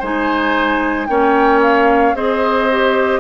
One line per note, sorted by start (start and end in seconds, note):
0.00 1.09 G#3
0.00 1.09 D#4
0.00 1.07 C5
0.00 1.07 G#5
1.07 2.14 A#3
1.07 2.16 C#4
1.07 2.16 C#5
1.07 1.60 G5
1.62 2.16 F5
2.14 3.21 C4
2.14 2.70 G#4
2.14 3.21 C5
2.14 3.21 D#5
2.72 3.21 G4